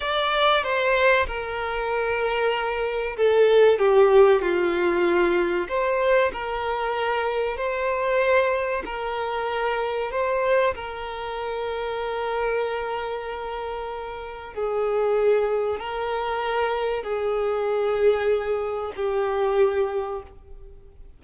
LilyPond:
\new Staff \with { instrumentName = "violin" } { \time 4/4 \tempo 4 = 95 d''4 c''4 ais'2~ | ais'4 a'4 g'4 f'4~ | f'4 c''4 ais'2 | c''2 ais'2 |
c''4 ais'2.~ | ais'2. gis'4~ | gis'4 ais'2 gis'4~ | gis'2 g'2 | }